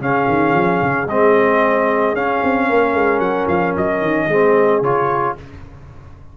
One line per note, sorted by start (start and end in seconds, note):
0.00 0.27 C#3
0.00 1.07 C#4
0.00 2.69 G#4
0.00 1.09 F5
0.28 0.53 D#3
0.53 0.80 F3
0.82 1.06 C#3
1.06 2.13 G#3
1.06 2.16 C4
1.06 2.16 D#5
2.13 2.40 C#4
2.13 4.30 C#4
2.13 3.20 F5
2.43 2.70 C4
2.69 2.94 A#3
2.69 4.28 A#4
2.94 3.19 G#3
3.19 3.46 F#3
3.19 3.47 F#5
3.48 3.74 F3
3.48 3.75 F5
3.77 4.02 F#3
3.77 4.84 D#5
4.02 4.28 D#3
4.28 4.81 G#3
4.28 4.83 C4
4.28 5.35 G#4
4.81 5.35 C#3
4.81 5.37 F4
4.81 5.37 C#5